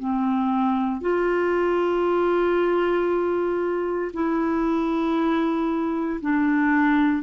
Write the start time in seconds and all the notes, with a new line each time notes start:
0.00 C4
1.01 F4
4.14 E4
6.21 D4